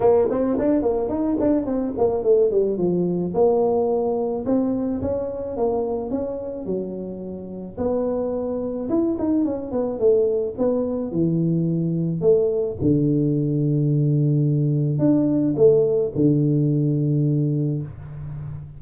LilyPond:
\new Staff \with { instrumentName = "tuba" } { \time 4/4 \tempo 4 = 108 ais8 c'8 d'8 ais8 dis'8 d'8 c'8 ais8 | a8 g8 f4 ais2 | c'4 cis'4 ais4 cis'4 | fis2 b2 |
e'8 dis'8 cis'8 b8 a4 b4 | e2 a4 d4~ | d2. d'4 | a4 d2. | }